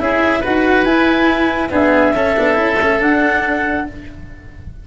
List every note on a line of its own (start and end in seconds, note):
0.00 0.43 C#4
0.00 0.43 E4
0.00 0.41 G#4
0.00 0.43 E5
0.41 0.85 D#4
0.41 0.86 F#4
0.41 1.69 B4
0.41 0.84 F#5
0.84 1.70 E4
0.84 1.70 G#5
1.70 2.12 B3
1.70 2.14 D4
1.70 2.15 G#4
1.70 3.02 E5
2.14 2.36 C#4
2.14 2.37 C#4
2.14 3.87 A4
2.37 2.57 B3
2.37 2.54 D4
2.54 2.79 C#4
2.54 2.76 E4
2.81 3.02 A3
2.81 3.00 C#4
3.00 3.86 D4
3.00 3.88 D4
3.00 3.88 F#5